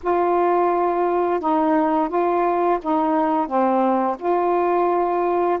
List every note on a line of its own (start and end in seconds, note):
0.03 1.40 F4
1.40 2.09 D#4
2.09 2.78 F4
2.82 3.47 D#4
3.47 4.17 C4
4.19 5.58 F4